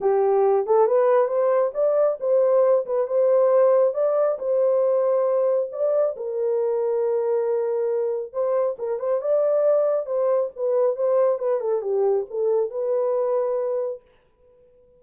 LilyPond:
\new Staff \with { instrumentName = "horn" } { \time 4/4 \tempo 4 = 137 g'4. a'8 b'4 c''4 | d''4 c''4. b'8 c''4~ | c''4 d''4 c''2~ | c''4 d''4 ais'2~ |
ais'2. c''4 | ais'8 c''8 d''2 c''4 | b'4 c''4 b'8 a'8 g'4 | a'4 b'2. | }